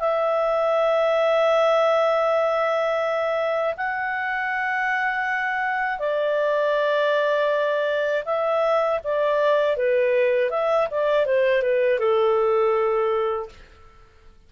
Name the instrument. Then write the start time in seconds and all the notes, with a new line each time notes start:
clarinet
0.00 E5
3.77 F#5
5.99 D5
8.25 E5
9.04 D5
9.77 B4
10.50 E5
10.91 D5
11.26 C5
11.62 B4
11.99 A4